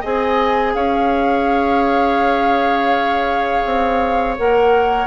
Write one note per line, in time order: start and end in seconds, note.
0.00 0.74 C4
0.00 4.37 G#4
0.00 0.72 D#5
0.00 0.74 G#5
0.74 3.63 C#4
0.74 5.06 C#5
0.74 4.36 F5
3.65 4.37 C4
4.37 5.06 A#3
4.37 5.06 A#4
4.37 5.06 F#5